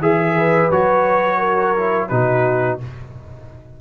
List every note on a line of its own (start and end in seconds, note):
0.00 0.70 E3
0.00 0.71 G#4
0.00 0.35 G#4
0.00 0.71 E5
0.35 1.38 B4
0.71 2.10 F#3
0.71 1.76 F#4
0.71 2.08 C#5
1.38 2.08 A#4
1.76 2.10 E4
2.08 2.80 B2
2.08 2.80 D#4
2.08 2.80 F#4
2.08 2.78 B4